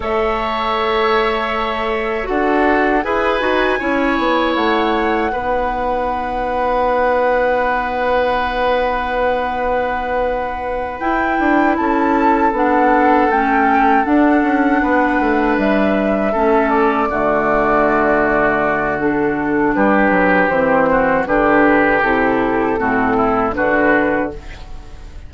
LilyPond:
<<
  \new Staff \with { instrumentName = "flute" } { \time 4/4 \tempo 4 = 79 e''2. fis''4 | gis''2 fis''2~ | fis''1~ | fis''2~ fis''8 g''4 a''8~ |
a''8 fis''4 g''4 fis''4.~ | fis''8 e''4. d''2~ | d''4 a'4 b'4 c''4 | b'4 a'2 b'4 | }
  \new Staff \with { instrumentName = "oboe" } { \time 4/4 cis''2. a'4 | b'4 cis''2 b'4~ | b'1~ | b'2.~ b'8 a'8~ |
a'2.~ a'8 b'8~ | b'4. a'4 fis'4.~ | fis'2 g'4. fis'8 | g'2 fis'8 e'8 fis'4 | }
  \new Staff \with { instrumentName = "clarinet" } { \time 4/4 a'2. fis'4 | gis'8 fis'8 e'2 dis'4~ | dis'1~ | dis'2~ dis'8 e'4.~ |
e'8 d'4 cis'4 d'4.~ | d'4. cis'4 a4.~ | a4 d'2 c'4 | d'4 e'4 c'4 d'4 | }
  \new Staff \with { instrumentName = "bassoon" } { \time 4/4 a2. d'4 | e'8 dis'8 cis'8 b8 a4 b4~ | b1~ | b2~ b8 e'8 d'8 cis'8~ |
cis'8 b4 a4 d'8 cis'8 b8 | a8 g4 a4 d4.~ | d2 g8 fis8 e4 | d4 c4 a,4 d4 | }
>>